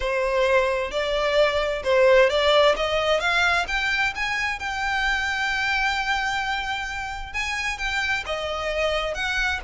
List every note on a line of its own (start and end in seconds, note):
0.00 0.91 C5
0.91 1.83 D5
1.83 2.29 C5
2.29 2.75 D5
2.76 3.20 D#5
3.20 3.65 F5
3.67 4.13 G5
4.15 4.59 G#5
4.59 7.33 G5
7.33 7.78 G#5
7.78 8.24 G5
8.25 9.14 D#5
9.14 9.60 F#5